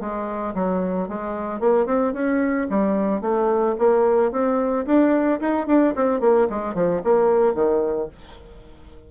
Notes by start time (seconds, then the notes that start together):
0.00 G#3
0.55 F#3
1.09 G#3
1.60 A#3
1.86 C4
2.14 C#4
2.70 G3
3.22 A3
3.79 A#3
4.32 C4
4.86 D4
5.41 D#4
5.67 D4
5.96 C4
6.21 A#3
6.50 G#3
6.75 F3
7.04 A#3
7.55 D#3